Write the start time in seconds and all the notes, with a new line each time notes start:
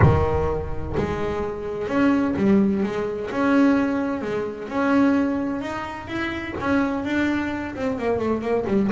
0.01 D#3
0.97 G#3
1.87 C#4
2.36 G3
2.83 G#3
3.30 C#4
4.21 G#3
4.68 C#4
5.61 D#4
6.07 E4
6.60 C#4
7.04 D4
7.75 C4
7.98 A#3
8.18 A3
8.41 A#3
8.66 G3